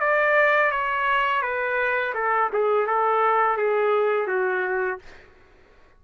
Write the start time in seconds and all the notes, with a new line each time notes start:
0.00 D5
0.71 C#5
1.42 B4
2.14 A4
2.53 G#4
2.87 A4
3.57 G#4
4.27 F#4